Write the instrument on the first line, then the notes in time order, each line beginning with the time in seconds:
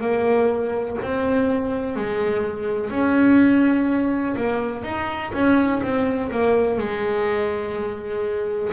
double bass
0.00 A#3
1.02 C4
1.96 G#3
2.90 C#4
4.36 A#3
4.83 D#4
5.33 C#4
5.82 C4
6.31 A#3
6.78 G#3